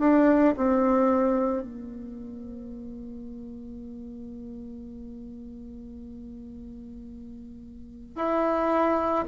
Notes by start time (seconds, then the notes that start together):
0.00 D4
0.57 C4
1.63 A#3
8.16 E4